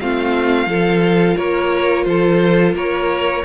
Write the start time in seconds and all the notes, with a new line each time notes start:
0.00 A3 C4 F4 F5
0.66 F3 F4 A4
1.36 A#3 A#4 C#5
2.04 F3 A4 C5
2.74 A#3 A#4 C#5